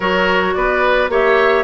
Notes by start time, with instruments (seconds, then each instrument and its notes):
0.00 bassoon F#3, clarinet F#4, oboe A#4, flute C#5
0.54 bassoon B3, oboe B4, flute D5
1.08 bassoon A#3, clarinet G4, oboe C#5, flute E5